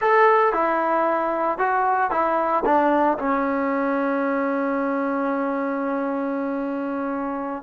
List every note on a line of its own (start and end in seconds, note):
0.01 0.53 A4
0.53 1.58 E4
1.58 2.11 F#4
2.11 2.63 E4
2.65 3.17 D4
3.18 7.62 C#4